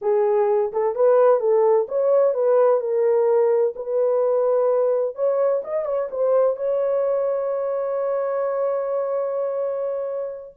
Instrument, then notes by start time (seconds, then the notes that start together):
horn
0.01 G#4
0.72 A4
0.95 B4
1.39 A4
1.88 C#5
2.34 B4
2.80 A#4
3.75 B4
5.15 C#5
5.64 D#5
5.85 C#5
6.10 C5
6.56 C#5